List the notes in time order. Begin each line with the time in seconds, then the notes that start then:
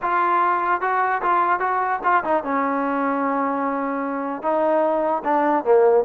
0.01 F4
0.81 F#4
1.22 F4
1.59 F#4
2.03 F4
2.23 D#4
2.43 C#4
4.42 D#4
5.24 D4
5.64 A#3